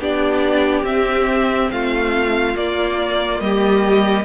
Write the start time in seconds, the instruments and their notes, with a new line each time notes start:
0.00 cello B3, viola D4, violin G4 D5
0.82 cello C4, viola C4, violin E5
1.71 cello A3, violin F4 F5
2.55 cello A#3, viola A#3, violin D5
3.40 cello G3, violin G4 D#5